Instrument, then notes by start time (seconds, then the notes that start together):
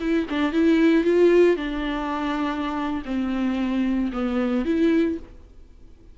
viola
0.00 E4
0.30 D4
0.53 E4
1.04 F4
1.56 D4
3.05 C4
4.12 B3
4.65 E4